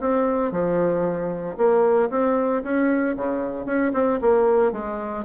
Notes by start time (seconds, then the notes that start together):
0.00 C4
0.51 F3
1.57 A#3
2.10 C4
2.63 C#4
3.16 C#3
3.66 C#4
3.93 C4
4.21 A#3
4.72 G#3